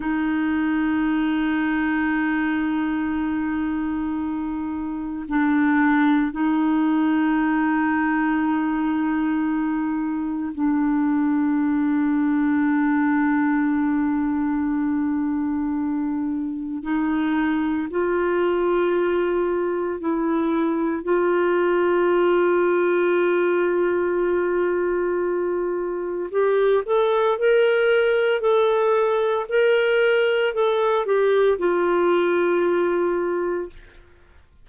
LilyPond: \new Staff \with { instrumentName = "clarinet" } { \time 4/4 \tempo 4 = 57 dis'1~ | dis'4 d'4 dis'2~ | dis'2 d'2~ | d'1 |
dis'4 f'2 e'4 | f'1~ | f'4 g'8 a'8 ais'4 a'4 | ais'4 a'8 g'8 f'2 | }